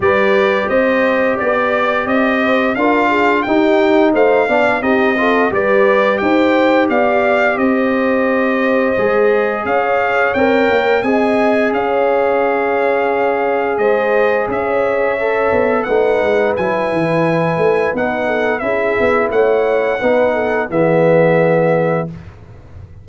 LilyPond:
<<
  \new Staff \with { instrumentName = "trumpet" } { \time 4/4 \tempo 4 = 87 d''4 dis''4 d''4 dis''4 | f''4 g''4 f''4 dis''4 | d''4 g''4 f''4 dis''4~ | dis''2 f''4 g''4 |
gis''4 f''2. | dis''4 e''2 fis''4 | gis''2 fis''4 e''4 | fis''2 e''2 | }
  \new Staff \with { instrumentName = "horn" } { \time 4/4 b'4 c''4 d''4. c''8 | ais'8 gis'8 g'4 c''8 d''8 g'8 a'8 | b'4 c''4 d''4 c''4~ | c''2 cis''2 |
dis''4 cis''2. | c''4 cis''2 b'4~ | b'2~ b'8 a'8 gis'4 | cis''4 b'8 a'8 gis'2 | }
  \new Staff \with { instrumentName = "trombone" } { \time 4/4 g'1 | f'4 dis'4. d'8 dis'8 f'8 | g'1~ | g'4 gis'2 ais'4 |
gis'1~ | gis'2 a'4 dis'4 | e'2 dis'4 e'4~ | e'4 dis'4 b2 | }
  \new Staff \with { instrumentName = "tuba" } { \time 4/4 g4 c'4 b4 c'4 | d'4 dis'4 a8 b8 c'4 | g4 dis'4 b4 c'4~ | c'4 gis4 cis'4 c'8 ais8 |
c'4 cis'2. | gis4 cis'4. b8 a8 gis8 | fis8 e4 a8 b4 cis'8 b8 | a4 b4 e2 | }
>>